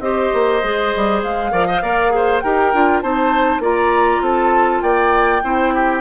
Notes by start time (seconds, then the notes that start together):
0.00 C4 G4 C5 D#5
0.33 A#3
0.63 G#3 G#4
0.96 G3
1.23 G#3 F5
1.52 F3 A#4 D5
1.67 C5 D#5
1.82 A#3 A#4 D5
2.10 G#4 C5
2.40 D#4 G4 A#4 G5
2.73 D4 F4
3.01 C4 D#4 C5 A5
3.59 A#3 F4 D5 A#5
4.21 C4 A4 A5
4.81 A#3 D5 G5
5.43 C4 E4 C5
5.74 G4